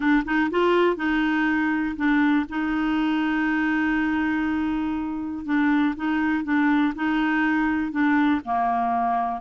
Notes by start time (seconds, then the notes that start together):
0.00 D4
0.25 D#4
0.50 F4
0.96 D#4
1.96 D4
2.49 D#4
5.45 D4
5.95 D#4
6.44 D4
6.95 D#4
7.91 D4
8.44 A#3